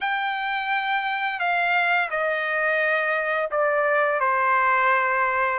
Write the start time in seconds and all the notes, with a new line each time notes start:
0.00 G5
1.39 F5
2.10 D#5
3.51 D5
4.20 C5